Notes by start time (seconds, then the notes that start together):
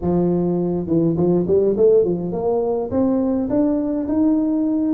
0.01 F3
0.86 E3
1.17 F3
1.47 G3
1.76 A3
2.04 F3
2.32 A#3
2.90 C4
3.49 D4
4.08 D#4